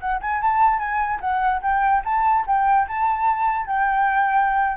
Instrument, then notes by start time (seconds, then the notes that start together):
flute
0.00 F#5
0.21 G#5
0.41 A5
0.78 G#5
1.20 F#5
1.62 G5
2.04 A5
2.46 G5
2.87 A5
3.66 G5